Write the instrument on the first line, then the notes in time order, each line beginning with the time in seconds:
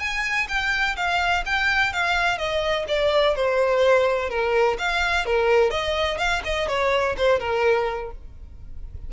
violin
0.00 G#5
0.49 G5
0.97 F5
1.46 G5
1.93 F5
2.38 D#5
2.89 D5
3.36 C5
4.30 A#4
4.79 F5
5.26 A#4
5.71 D#5
6.18 F5
6.45 D#5
6.69 C#5
7.18 C5
7.40 A#4